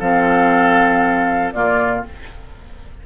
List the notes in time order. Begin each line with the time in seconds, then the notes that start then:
0.00 F3 C4 A4 F5
1.53 A#2 A#3 F4 D5